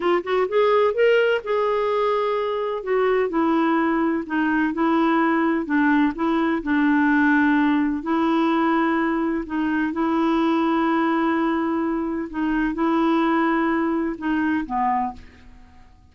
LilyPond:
\new Staff \with { instrumentName = "clarinet" } { \time 4/4 \tempo 4 = 127 f'8 fis'8 gis'4 ais'4 gis'4~ | gis'2 fis'4 e'4~ | e'4 dis'4 e'2 | d'4 e'4 d'2~ |
d'4 e'2. | dis'4 e'2.~ | e'2 dis'4 e'4~ | e'2 dis'4 b4 | }